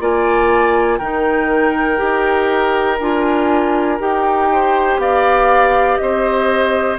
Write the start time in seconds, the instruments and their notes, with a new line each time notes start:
0.00 bassoon A#3, clarinet F4, oboe D5, flute G#5
0.98 bassoon D#3, clarinet D#4, oboe A#4, flute G5
1.97 bassoon D#4, clarinet G4
3.00 bassoon D4, clarinet F4, flute G#5
3.99 bassoon D#4, clarinet G4, flute G5
4.52 oboe C5
4.98 bassoon B3, oboe D5, flute F5
5.97 bassoon C4, oboe C5, flute D#5